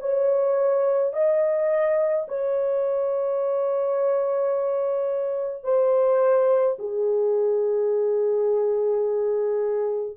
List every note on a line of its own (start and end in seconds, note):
0.00 1.13 C#5
1.13 2.26 D#5
2.28 5.64 C#5
5.64 6.77 C5
6.79 10.17 G#4